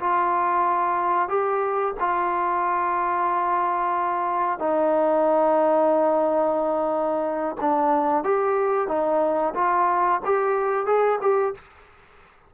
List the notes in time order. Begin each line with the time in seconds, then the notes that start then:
0.00 F4
1.29 G4
2.00 F4
4.59 D#4
7.61 D4
8.24 G4
8.88 D#4
9.55 F4
10.25 G4
10.86 G#4
11.22 G4